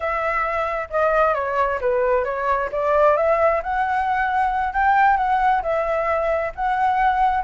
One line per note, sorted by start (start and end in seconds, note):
0.00 0.88 E5
0.90 1.34 D#5
1.34 1.79 C#5
1.80 2.24 B4
2.24 2.69 C#5
2.72 3.17 D5
3.17 3.62 E5
3.62 4.73 F#5
4.73 5.16 G5
5.16 5.61 F#5
5.62 6.52 E5
6.55 7.43 F#5